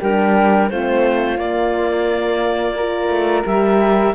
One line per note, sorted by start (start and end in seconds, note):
0.00 0.71 G3
0.00 0.71 D4
0.00 0.69 G4
0.00 0.70 A#4
0.70 1.38 A3
0.70 1.38 C4
0.70 2.76 F4
0.70 1.38 C5
1.38 2.76 A#3
1.38 3.09 A#3
1.38 3.45 D5
2.76 3.45 F4
2.76 4.14 A#4
3.09 3.43 A3
3.45 4.15 G3
3.45 4.14 G4
3.45 4.15 E5